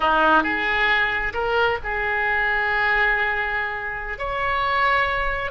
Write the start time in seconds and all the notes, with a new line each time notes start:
0.00 D#4
0.43 G#4
1.33 A#4
1.83 G#4
4.18 C#5